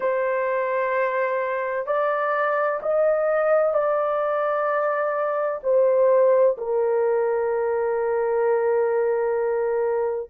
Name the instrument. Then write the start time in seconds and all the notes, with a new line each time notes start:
horn
0.00 C5
1.86 D5
2.82 D#5
3.73 D5
5.62 C5
6.57 A#4